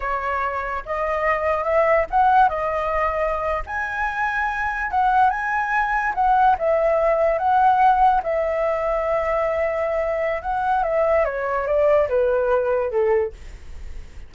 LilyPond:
\new Staff \with { instrumentName = "flute" } { \time 4/4 \tempo 4 = 144 cis''2 dis''2 | e''4 fis''4 dis''2~ | dis''8. gis''2. fis''16~ | fis''8. gis''2 fis''4 e''16~ |
e''4.~ e''16 fis''2 e''16~ | e''1~ | e''4 fis''4 e''4 cis''4 | d''4 b'2 a'4 | }